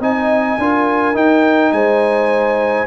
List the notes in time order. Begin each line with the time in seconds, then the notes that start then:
0.00 C4 D#4 D#5 G#5
0.58 D4 F4 A#4
1.14 D#4 G5
1.72 G#3 C5 G#5